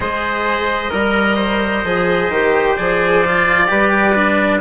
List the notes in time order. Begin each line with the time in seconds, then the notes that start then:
0.00 G#3 G#4 C5 D#5
0.90 G3 A#4
1.35 C5
1.84 F3 G#4
2.29 D#3 G4
2.76 F3 G#4 D5
3.24 F4
3.67 G3 G4 B4
4.14 D4